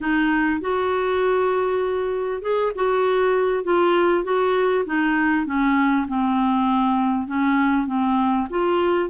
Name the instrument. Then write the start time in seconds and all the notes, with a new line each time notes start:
clarinet
0.01 D#4
0.60 F#4
2.41 G#4
2.75 F#4
3.64 F4
4.24 F#4
4.85 D#4
5.45 C#4
6.08 C4
7.27 C#4
7.87 C4
8.50 F4